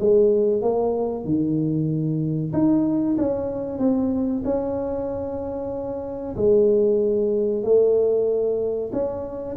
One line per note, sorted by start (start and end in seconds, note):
0.00 0.62 G#3
0.62 1.25 A#3
1.25 2.52 D#3
2.53 3.17 D#4
3.18 3.79 C#4
3.79 4.43 C4
4.45 6.36 C#4
6.37 7.64 G#3
7.64 8.92 A3
8.93 9.57 C#4